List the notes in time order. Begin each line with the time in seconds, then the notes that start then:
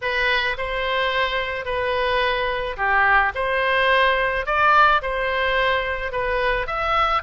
0.01 B4
0.57 C5
1.65 B4
2.76 G4
3.35 C5
4.45 D5
5.02 C5
6.11 B4
6.67 E5